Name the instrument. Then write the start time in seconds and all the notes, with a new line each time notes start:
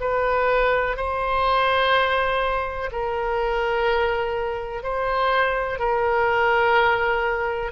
oboe
0.00 B4
0.96 C5
2.92 A#4
4.83 C5
5.79 A#4